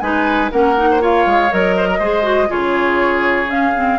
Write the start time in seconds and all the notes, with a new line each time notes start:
0.00 G#3 D#4 B4 G#5
0.51 A#3 C#4 A#4 F#5
0.76 D#4
0.91 C5
1.00 F4 C#5 F5
1.26 G#3
1.51 F#3 A#4 D#5
1.76 C5
1.88 A#4
1.99 G#3 G#4 C5
2.22 F#4
2.48 C#3 F4 G#4 C#5
3.48 C#4 F5
3.75 C4